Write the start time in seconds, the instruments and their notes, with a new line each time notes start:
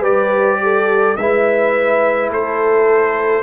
0.00 tuba G3, trombone G4, horn B4, trumpet D5
0.63 horn A4
1.17 tuba G#3, trombone E4, horn B4, trumpet E5
2.29 tuba A3, horn A4, trumpet C5